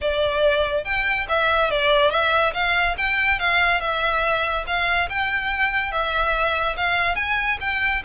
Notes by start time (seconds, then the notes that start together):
0.01 D5
0.84 G5
1.28 E5
1.70 D5
2.10 E5
2.53 F5
2.97 G5
3.39 F5
3.80 E5
4.66 F5
5.09 G5
5.91 E5
6.77 F5
7.15 G#5
7.60 G5